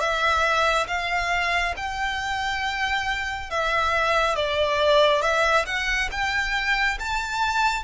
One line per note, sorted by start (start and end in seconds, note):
0.00 0.87 E5
0.87 1.74 F5
1.77 3.50 G5
3.50 4.35 E5
4.35 5.22 D5
5.22 5.65 E5
5.66 6.09 F#5
6.11 6.98 G5
7.00 7.83 A5